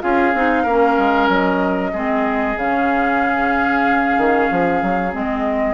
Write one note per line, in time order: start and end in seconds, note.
0.00 0.34 C#4
0.00 0.32 F4
0.00 0.62 G#4
0.00 1.28 F5
0.34 0.64 C4
0.34 0.67 D#4
0.62 0.96 A#3
0.62 1.93 C#4
0.62 1.90 A#4
0.98 1.28 G#3
1.28 1.92 F#3
1.28 2.57 D#5
1.93 2.56 G#3
1.93 2.56 C4
1.93 5.74 G#4
2.56 4.15 C#3
2.56 5.12 C#4
2.56 5.13 F5
4.17 4.49 D#3
4.51 4.82 F3
4.82 5.14 F#3
5.12 5.74 G#3
5.12 5.74 C4
5.12 5.74 D#5